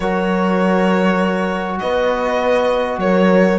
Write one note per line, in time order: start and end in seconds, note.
0.00 1.80 F#3
0.00 3.58 F#4
0.00 1.79 A#4
0.00 1.78 C#5
1.79 2.98 B3
1.79 3.01 B4
1.79 2.99 D#5
2.98 3.58 F#3
2.98 3.58 A#4
2.98 3.58 C#5